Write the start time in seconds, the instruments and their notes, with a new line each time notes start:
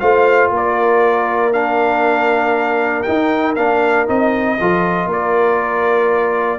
0.00 tuba A3, trombone F4, horn C5, trumpet F5
0.51 tuba A#3, horn A#4
0.57 trumpet D5
1.53 trombone D4, trumpet F5
3.03 trombone D#4, tuba D#4, trumpet G5
3.56 tuba A#3, trombone D4, trumpet F5
4.07 tuba C4, trombone D#4, trumpet D#5
4.60 tuba F3, trombone F4, horn A4
5.06 tuba A#3, horn A#4
5.13 trumpet D5